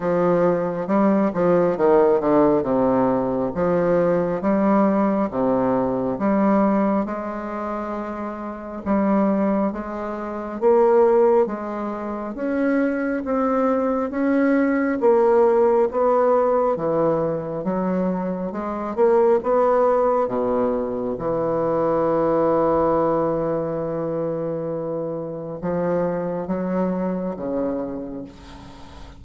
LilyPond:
\new Staff \with { instrumentName = "bassoon" } { \time 4/4 \tempo 4 = 68 f4 g8 f8 dis8 d8 c4 | f4 g4 c4 g4 | gis2 g4 gis4 | ais4 gis4 cis'4 c'4 |
cis'4 ais4 b4 e4 | fis4 gis8 ais8 b4 b,4 | e1~ | e4 f4 fis4 cis4 | }